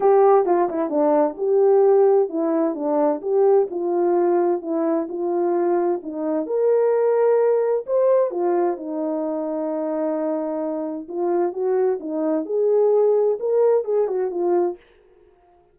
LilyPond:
\new Staff \with { instrumentName = "horn" } { \time 4/4 \tempo 4 = 130 g'4 f'8 e'8 d'4 g'4~ | g'4 e'4 d'4 g'4 | f'2 e'4 f'4~ | f'4 dis'4 ais'2~ |
ais'4 c''4 f'4 dis'4~ | dis'1 | f'4 fis'4 dis'4 gis'4~ | gis'4 ais'4 gis'8 fis'8 f'4 | }